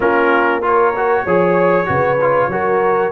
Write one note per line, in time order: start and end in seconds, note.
0.00 1.25 A#3
0.00 0.62 C#4
0.00 0.63 F4
0.00 0.63 A#4
0.62 0.93 F4
0.62 1.23 A#4
0.62 3.11 C#5
0.96 1.27 F#4
1.23 1.88 F3
1.23 1.85 G#4
1.23 1.86 C#5
1.85 2.47 C#3
1.85 2.17 F#4
1.85 2.51 B4
2.21 2.51 F4
2.47 3.10 F#3
2.47 3.11 F#4
2.47 3.11 A#4